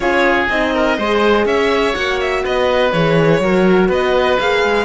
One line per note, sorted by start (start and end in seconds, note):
0.00 0.48 C#4
0.00 0.49 F4
0.00 0.74 G#4
0.00 0.48 C#5
0.49 0.97 C4
0.49 0.98 D#4
0.49 1.46 D#5
0.74 0.97 A#4
0.97 1.45 G#3
0.97 1.93 G#4
0.97 1.45 C5
1.45 1.94 C#4
1.45 2.43 C#5
1.45 1.94 E5
1.93 2.44 A#3
1.93 2.91 F#4
1.93 2.19 F#5
2.20 2.44 E5
2.43 2.92 B3
2.43 3.41 B4
2.43 2.92 D#5
2.92 3.40 E3
2.92 3.42 G#4
2.92 3.89 C#5
3.40 3.88 F#3
3.40 4.40 F#4
3.40 3.88 A#4
3.88 4.37 B3
3.88 4.85 B4
3.88 4.38 D#5
4.38 4.63 A#3
4.38 4.85 G#4
4.38 4.85 F5
4.63 4.85 G#3